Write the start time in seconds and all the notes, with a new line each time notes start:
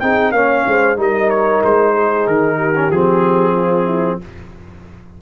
0.00 C4 D#4 G#4 G5
0.32 A#3 C#4 C#5 F5
0.67 G#3 C5
0.97 G3 D#4 A#4 D#5
1.30 C#5
1.63 G#3 C5
1.94 G#4
2.27 D#3 A#4
2.56 G4
2.76 C#4
2.90 F3 C4 G#4
3.55 F4
3.86 E4